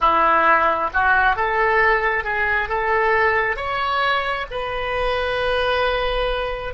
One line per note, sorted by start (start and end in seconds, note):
0.00 0.90 E4
0.93 1.36 F#4
1.36 2.24 A4
2.24 2.69 G#4
2.69 3.56 A4
3.56 4.46 C#5
4.51 6.74 B4